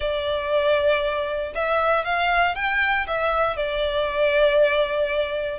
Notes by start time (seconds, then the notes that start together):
0.00 D5
1.54 E5
2.05 F5
2.55 G5
3.07 E5
3.56 D5